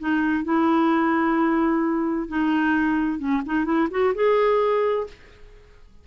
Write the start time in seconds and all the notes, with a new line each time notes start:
0.00 D#4
0.45 E4
2.28 D#4
3.19 C#4
3.46 D#4
3.65 E4
3.91 F#4
4.15 G#4